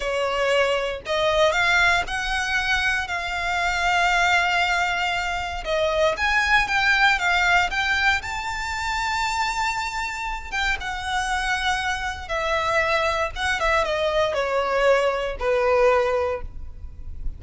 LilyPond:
\new Staff \with { instrumentName = "violin" } { \time 4/4 \tempo 4 = 117 cis''2 dis''4 f''4 | fis''2 f''2~ | f''2. dis''4 | gis''4 g''4 f''4 g''4 |
a''1~ | a''8 g''8 fis''2. | e''2 fis''8 e''8 dis''4 | cis''2 b'2 | }